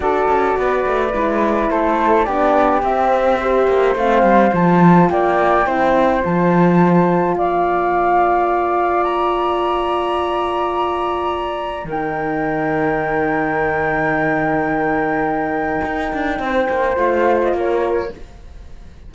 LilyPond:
<<
  \new Staff \with { instrumentName = "flute" } { \time 4/4 \tempo 4 = 106 d''2. c''4 | d''4 e''2 f''4 | a''4 g''2 a''4~ | a''4 f''2. |
ais''1~ | ais''4 g''2.~ | g''1~ | g''2 f''8. dis''16 cis''4 | }
  \new Staff \with { instrumentName = "flute" } { \time 4/4 a'4 b'2 a'4 | g'2 c''2~ | c''4 d''4 c''2~ | c''4 d''2.~ |
d''1~ | d''4 ais'2.~ | ais'1~ | ais'4 c''2 ais'4 | }
  \new Staff \with { instrumentName = "horn" } { \time 4/4 fis'2 e'2 | d'4 c'4 g'4 c'4 | f'2 e'4 f'4~ | f'1~ |
f'1~ | f'4 dis'2.~ | dis'1~ | dis'2 f'2 | }
  \new Staff \with { instrumentName = "cello" } { \time 4/4 d'8 cis'8 b8 a8 gis4 a4 | b4 c'4. ais8 a8 g8 | f4 ais4 c'4 f4~ | f4 ais2.~ |
ais1~ | ais4 dis2.~ | dis1 | dis'8 d'8 c'8 ais8 a4 ais4 | }
>>